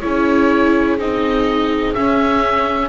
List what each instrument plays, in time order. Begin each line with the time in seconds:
0.00 double bass C#4, viola E4, horn G#4, oboe C#5
0.99 double bass C4, viola D#4, oboe D#5
1.94 viola C#4, double bass C#4, oboe E5